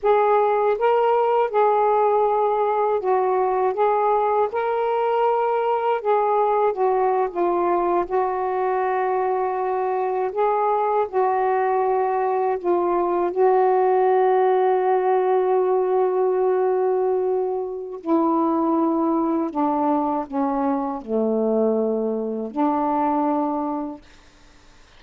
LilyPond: \new Staff \with { instrumentName = "saxophone" } { \time 4/4 \tempo 4 = 80 gis'4 ais'4 gis'2 | fis'4 gis'4 ais'2 | gis'4 fis'8. f'4 fis'4~ fis'16~ | fis'4.~ fis'16 gis'4 fis'4~ fis'16~ |
fis'8. f'4 fis'2~ fis'16~ | fis'1 | e'2 d'4 cis'4 | a2 d'2 | }